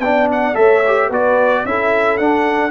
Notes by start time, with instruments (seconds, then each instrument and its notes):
0.00 tuba B3, trombone D4, horn D5, trumpet G5
0.32 trumpet F#5
0.55 tuba A3, trombone A4, horn C#5, trumpet E5
0.88 trombone G4
1.08 tuba B3, trombone F#4, horn B4, trumpet D5
1.65 tuba C#4, trombone E4, horn A4, trumpet E5
2.18 tuba D4, trombone D4, trumpet F#5